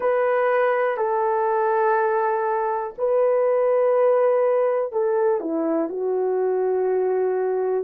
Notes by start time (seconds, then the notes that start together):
0.00 B4
0.97 A4
2.98 B4
4.92 A4
5.40 E4
5.89 F#4